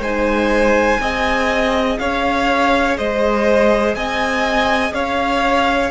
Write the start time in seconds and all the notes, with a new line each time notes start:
0.00 G#3 D#4 C5 G#5
1.00 C4 G#4 D#5
1.99 C#4 C#5 F5
2.98 G#3 C5 D#5
3.95 C4 D#5 G#5
4.92 C#4 C#5 F5